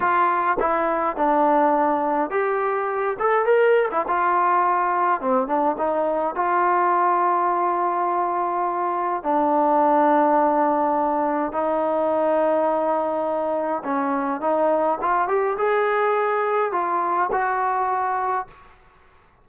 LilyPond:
\new Staff \with { instrumentName = "trombone" } { \time 4/4 \tempo 4 = 104 f'4 e'4 d'2 | g'4. a'8 ais'8. e'16 f'4~ | f'4 c'8 d'8 dis'4 f'4~ | f'1 |
d'1 | dis'1 | cis'4 dis'4 f'8 g'8 gis'4~ | gis'4 f'4 fis'2 | }